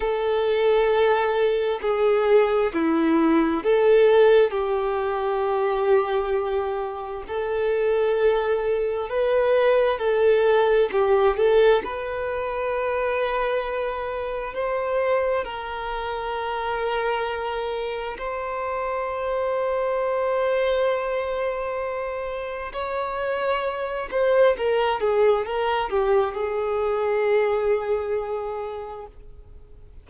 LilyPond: \new Staff \with { instrumentName = "violin" } { \time 4/4 \tempo 4 = 66 a'2 gis'4 e'4 | a'4 g'2. | a'2 b'4 a'4 | g'8 a'8 b'2. |
c''4 ais'2. | c''1~ | c''4 cis''4. c''8 ais'8 gis'8 | ais'8 g'8 gis'2. | }